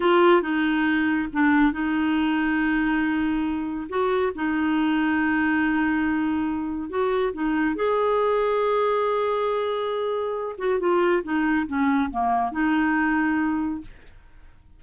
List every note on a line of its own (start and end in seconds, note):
0.00 0.42 F4
0.42 1.28 D#4
1.32 1.72 D4
1.72 3.88 D#4
3.89 4.32 F#4
4.35 6.89 D#4
6.89 7.32 F#4
7.33 7.75 D#4
7.75 10.56 G#4
10.58 10.79 F#4
10.79 11.22 F4
11.23 11.66 D#4
11.66 12.10 C#4
12.10 12.51 A#3
12.51 13.81 D#4